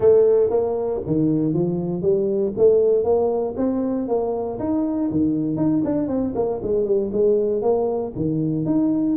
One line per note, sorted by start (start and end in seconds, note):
0.00 0.50 A3
0.50 1.01 A#3
1.06 1.53 D#3
1.53 2.02 F3
2.02 2.53 G3
2.57 3.04 A3
3.04 3.55 A#3
3.57 4.07 C4
4.08 4.59 A#3
4.59 5.10 D#4
5.10 5.57 D#3
5.57 5.82 D#4
5.84 6.08 D4
6.08 6.33 C4
6.35 6.60 A#3
6.62 6.85 G#3
6.85 7.10 G3
7.12 7.62 G#3
7.62 8.12 A#3
8.15 8.65 D#3
8.65 9.16 D#4